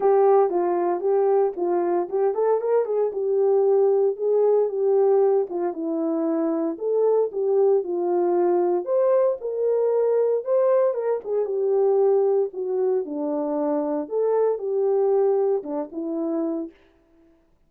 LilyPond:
\new Staff \with { instrumentName = "horn" } { \time 4/4 \tempo 4 = 115 g'4 f'4 g'4 f'4 | g'8 a'8 ais'8 gis'8 g'2 | gis'4 g'4. f'8 e'4~ | e'4 a'4 g'4 f'4~ |
f'4 c''4 ais'2 | c''4 ais'8 gis'8 g'2 | fis'4 d'2 a'4 | g'2 d'8 e'4. | }